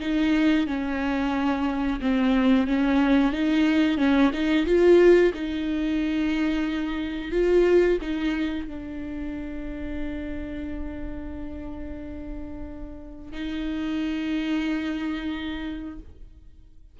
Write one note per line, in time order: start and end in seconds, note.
0.00 0.67 D#4
0.67 2.00 C#4
2.01 2.67 C4
2.67 3.32 C#4
3.32 3.98 D#4
3.98 4.31 C#4
4.33 4.66 D#4
4.66 5.32 F4
5.34 7.32 D#4
7.32 7.98 F4
8.02 8.67 D#4
8.67 13.32 D4
13.32 15.99 D#4